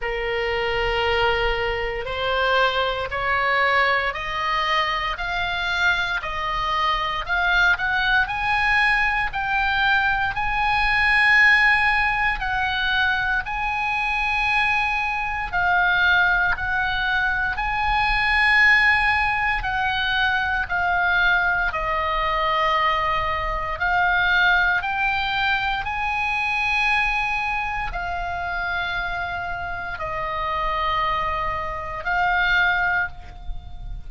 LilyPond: \new Staff \with { instrumentName = "oboe" } { \time 4/4 \tempo 4 = 58 ais'2 c''4 cis''4 | dis''4 f''4 dis''4 f''8 fis''8 | gis''4 g''4 gis''2 | fis''4 gis''2 f''4 |
fis''4 gis''2 fis''4 | f''4 dis''2 f''4 | g''4 gis''2 f''4~ | f''4 dis''2 f''4 | }